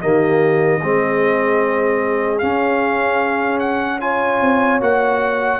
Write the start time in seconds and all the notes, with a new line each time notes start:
0.00 D#3 A#3 G4 D#5
0.82 G#3 C4 G#4
2.39 C#4 F5
3.60 F#5
4.01 F4 C#5 G#5
4.41 C4
4.81 A#3 F#4 F#5